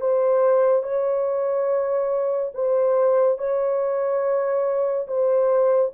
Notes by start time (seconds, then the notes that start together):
0.00 C5
0.83 C#5
2.54 C5
3.38 C#5
5.07 C5